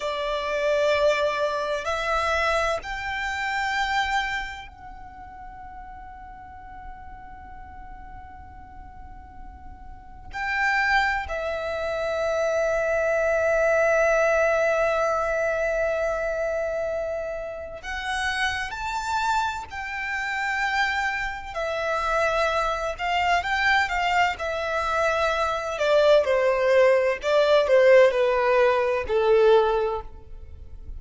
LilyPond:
\new Staff \with { instrumentName = "violin" } { \time 4/4 \tempo 4 = 64 d''2 e''4 g''4~ | g''4 fis''2.~ | fis''2. g''4 | e''1~ |
e''2. fis''4 | a''4 g''2 e''4~ | e''8 f''8 g''8 f''8 e''4. d''8 | c''4 d''8 c''8 b'4 a'4 | }